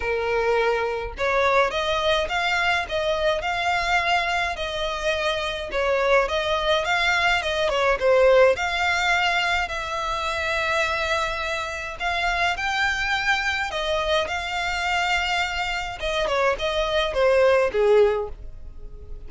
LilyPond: \new Staff \with { instrumentName = "violin" } { \time 4/4 \tempo 4 = 105 ais'2 cis''4 dis''4 | f''4 dis''4 f''2 | dis''2 cis''4 dis''4 | f''4 dis''8 cis''8 c''4 f''4~ |
f''4 e''2.~ | e''4 f''4 g''2 | dis''4 f''2. | dis''8 cis''8 dis''4 c''4 gis'4 | }